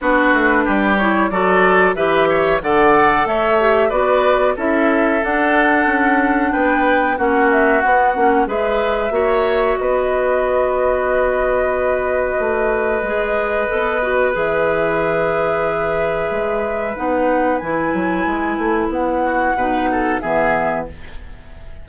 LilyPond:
<<
  \new Staff \with { instrumentName = "flute" } { \time 4/4 \tempo 4 = 92 b'4. cis''8 d''4 e''4 | fis''4 e''4 d''4 e''4 | fis''2 g''4 fis''8 e''8 | fis''4 e''2 dis''4~ |
dis''1~ | dis''2 e''2~ | e''2 fis''4 gis''4~ | gis''4 fis''2 e''4 | }
  \new Staff \with { instrumentName = "oboe" } { \time 4/4 fis'4 g'4 a'4 b'8 cis''8 | d''4 cis''4 b'4 a'4~ | a'2 b'4 fis'4~ | fis'4 b'4 cis''4 b'4~ |
b'1~ | b'1~ | b'1~ | b'4. fis'8 b'8 a'8 gis'4 | }
  \new Staff \with { instrumentName = "clarinet" } { \time 4/4 d'4. e'8 fis'4 g'4 | a'4. g'8 fis'4 e'4 | d'2. cis'4 | b8 cis'8 gis'4 fis'2~ |
fis'1 | gis'4 a'8 fis'8 gis'2~ | gis'2 dis'4 e'4~ | e'2 dis'4 b4 | }
  \new Staff \with { instrumentName = "bassoon" } { \time 4/4 b8 a8 g4 fis4 e4 | d4 a4 b4 cis'4 | d'4 cis'4 b4 ais4 | b8 ais8 gis4 ais4 b4~ |
b2. a4 | gis4 b4 e2~ | e4 gis4 b4 e8 fis8 | gis8 a8 b4 b,4 e4 | }
>>